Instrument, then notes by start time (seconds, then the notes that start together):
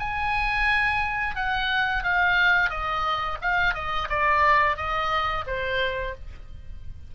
oboe
0.00 G#5
1.36 F#5
2.04 F5
2.70 D#5
3.42 F5
3.75 D#5
4.10 D5
4.77 D#5
5.47 C5